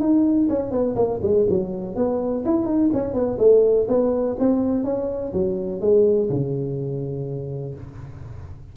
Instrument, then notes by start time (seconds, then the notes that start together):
tuba
0.00 D#4
0.49 C#4
0.71 B3
0.95 A#3
1.22 G#3
1.49 F#3
1.95 B3
2.45 E4
2.65 D#4
2.93 C#4
3.13 B3
3.38 A3
3.88 B3
4.39 C4
4.84 C#4
5.33 F#3
5.81 G#3
6.29 C#3